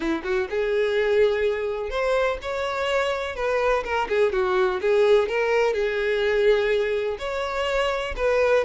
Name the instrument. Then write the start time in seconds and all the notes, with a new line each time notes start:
violin
0.00 E4
0.23 F#4
0.50 G#4
1.90 C5
2.42 C#5
3.35 B4
3.84 A#4
4.08 G#4
4.32 F#4
4.81 G#4
5.28 A#4
5.73 G#4
7.18 C#5
8.16 B4